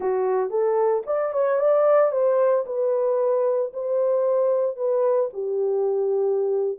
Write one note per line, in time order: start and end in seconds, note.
0.00 0.50 F#4
0.50 1.03 A4
1.06 1.33 D5
1.33 1.59 C#5
1.59 2.11 D5
2.11 2.64 C5
2.66 3.72 B4
3.73 4.76 C5
4.76 5.29 B4
5.33 6.78 G4